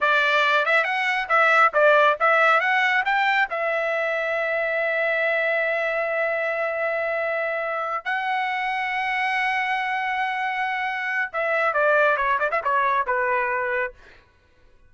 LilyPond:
\new Staff \with { instrumentName = "trumpet" } { \time 4/4 \tempo 4 = 138 d''4. e''8 fis''4 e''4 | d''4 e''4 fis''4 g''4 | e''1~ | e''1~ |
e''2~ e''8 fis''4.~ | fis''1~ | fis''2 e''4 d''4 | cis''8 d''16 e''16 cis''4 b'2 | }